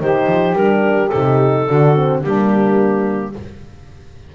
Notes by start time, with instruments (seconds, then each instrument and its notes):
0.00 double bass D#3, horn D#4, saxophone G4, clarinet C5
0.27 double bass F3
0.53 double bass G3, horn D4, clarinet A#4
1.09 double bass C3, horn D#4, clarinet A4
1.67 double bass D3, horn D4, saxophone F#4
1.96 horn C4
2.23 double bass G3, horn A#3, saxophone D4, clarinet G4